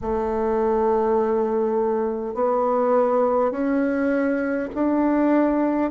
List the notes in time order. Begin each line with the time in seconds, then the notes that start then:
0.01 A3
2.34 B3
3.51 C#4
4.74 D4